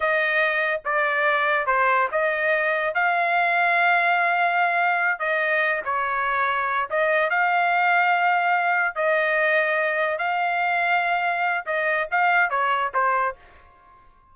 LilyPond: \new Staff \with { instrumentName = "trumpet" } { \time 4/4 \tempo 4 = 144 dis''2 d''2 | c''4 dis''2 f''4~ | f''1~ | f''8 dis''4. cis''2~ |
cis''8 dis''4 f''2~ f''8~ | f''4. dis''2~ dis''8~ | dis''8 f''2.~ f''8 | dis''4 f''4 cis''4 c''4 | }